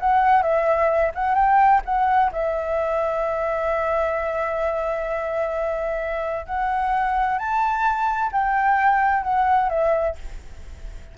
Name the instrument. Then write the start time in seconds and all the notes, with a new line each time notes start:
flute
0.00 F#5
0.42 E5
1.15 F#5
1.35 G5
1.85 F#5
2.32 E5
6.46 F#5
7.38 A5
8.32 G5
9.23 F#5
9.69 E5